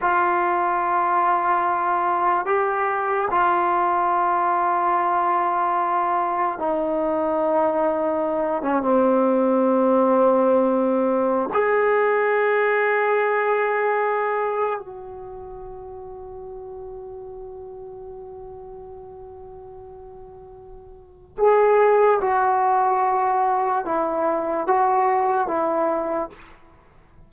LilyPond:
\new Staff \with { instrumentName = "trombone" } { \time 4/4 \tempo 4 = 73 f'2. g'4 | f'1 | dis'2~ dis'8 cis'16 c'4~ c'16~ | c'2 gis'2~ |
gis'2 fis'2~ | fis'1~ | fis'2 gis'4 fis'4~ | fis'4 e'4 fis'4 e'4 | }